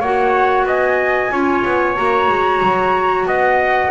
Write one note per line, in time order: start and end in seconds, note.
0.00 0.64 A#3
0.00 1.31 F#4
0.00 0.65 C#5
0.00 0.66 F#5
0.64 1.29 B3
0.64 1.31 D#5
0.64 1.96 G#5
1.31 1.63 C#4
1.31 1.95 F4
1.31 3.27 C#5
1.64 1.97 B3
1.95 2.28 A#3
1.95 3.90 F#4
1.95 3.26 A#5
2.28 2.61 G#3
2.62 3.26 F#3
3.26 3.90 B3
3.26 3.90 D#5
3.26 3.90 F#5